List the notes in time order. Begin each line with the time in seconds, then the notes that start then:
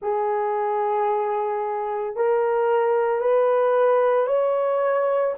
0.02 G#4
2.16 A#4
3.20 B4
4.27 C#5